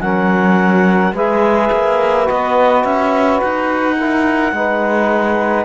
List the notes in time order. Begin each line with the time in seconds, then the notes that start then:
0.00 F#3 C#4 A#4 F#5
1.12 G#3 G#4 B4 E5
1.71 A#3
2.25 B3 F#4 D#5
2.83 C#4 E5
3.40 D#4 F#5
3.97 E4 A#4
4.52 G#3 D#4 B4